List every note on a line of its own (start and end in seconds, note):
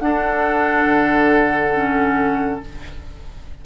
0.00 0.86 D4
0.00 1.74 D4
0.00 2.65 A4
0.00 2.61 F#5
0.86 2.60 D3
1.74 2.61 C#4